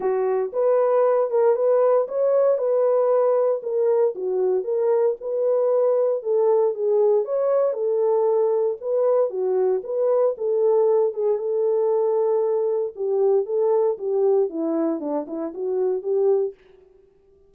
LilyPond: \new Staff \with { instrumentName = "horn" } { \time 4/4 \tempo 4 = 116 fis'4 b'4. ais'8 b'4 | cis''4 b'2 ais'4 | fis'4 ais'4 b'2 | a'4 gis'4 cis''4 a'4~ |
a'4 b'4 fis'4 b'4 | a'4. gis'8 a'2~ | a'4 g'4 a'4 g'4 | e'4 d'8 e'8 fis'4 g'4 | }